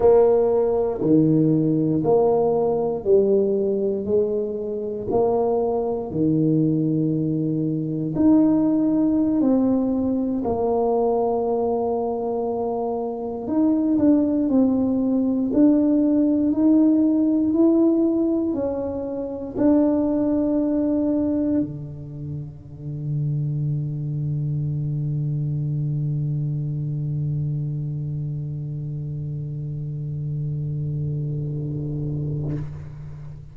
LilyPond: \new Staff \with { instrumentName = "tuba" } { \time 4/4 \tempo 4 = 59 ais4 dis4 ais4 g4 | gis4 ais4 dis2 | dis'4~ dis'16 c'4 ais4.~ ais16~ | ais4~ ais16 dis'8 d'8 c'4 d'8.~ |
d'16 dis'4 e'4 cis'4 d'8.~ | d'4~ d'16 d2~ d8.~ | d1~ | d1 | }